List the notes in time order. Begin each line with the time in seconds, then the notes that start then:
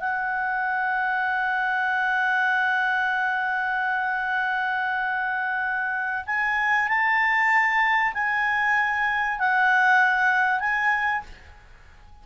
0.00 F#5
6.27 G#5
6.88 A5
8.14 G#5
9.39 F#5
10.60 G#5